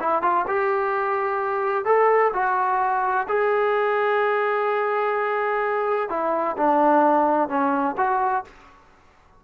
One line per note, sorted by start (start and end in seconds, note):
0.00 0.22 E4
0.22 0.45 F4
0.47 1.85 G4
1.85 2.32 A4
2.33 3.27 F#4
3.28 6.09 G#4
6.09 6.56 E4
6.57 7.48 D4
7.48 7.95 C#4
7.97 8.44 F#4